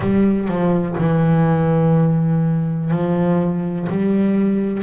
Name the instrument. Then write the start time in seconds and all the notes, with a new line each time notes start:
double bass
0.00 G3
0.48 F3
0.97 E3
2.90 F3
3.89 G3